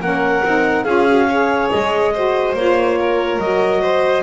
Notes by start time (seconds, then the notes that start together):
0.00 A#3 C#4 A#4 F#5
0.44 C4 D#4
0.84 C#4 F4 G#4 F5
1.08 F#4
1.28 G#4 C#5
1.70 G#3 D#5
2.13 F#4 C5
2.53 A#3 F4 C#5
2.99 A#4
3.38 F#3 F#4 D#5
3.81 C5